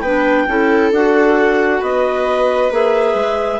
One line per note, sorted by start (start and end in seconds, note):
0.00 0.45 B3
0.00 0.48 D4
0.00 0.46 B4
0.00 0.90 G5
0.48 0.91 C#4
0.48 0.92 E4
0.48 1.80 A4
0.91 1.81 D4
0.91 2.71 F#4
0.91 1.82 F#5
1.80 2.70 B3
1.80 3.59 B4
1.80 2.72 D#5
2.70 3.14 A#3
2.70 3.60 G#4
2.70 3.60 E5
3.14 3.59 G#3